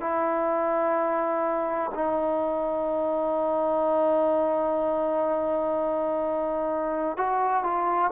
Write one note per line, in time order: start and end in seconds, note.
0.00 1.90 E4
1.94 7.16 D#4
7.16 7.63 F#4
7.63 8.11 F4